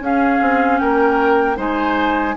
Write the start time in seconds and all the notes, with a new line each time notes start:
0.00 C#4 G#4 F5
0.41 C4
0.79 A#3 A#4 G5
1.56 G#3 D#4 C5 G#5